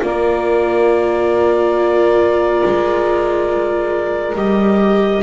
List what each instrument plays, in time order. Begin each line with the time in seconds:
0.00 double bass A#3, viola F4, saxophone A#4, clarinet D5
2.65 double bass G#3
4.35 double bass G3, viola G4, clarinet D#5